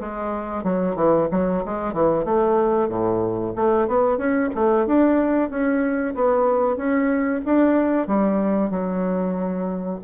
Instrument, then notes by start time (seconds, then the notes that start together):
bassoon
0.00 G#3
0.64 F#3
0.96 E3
1.31 F#3
1.65 G#3
1.93 E3
2.25 A3
2.89 A2
3.55 A3
3.88 B3
4.18 C#4
4.55 A3
4.86 D4
5.50 C#4
6.15 B3
6.77 C#4
7.45 D4
8.07 G3
8.70 F#3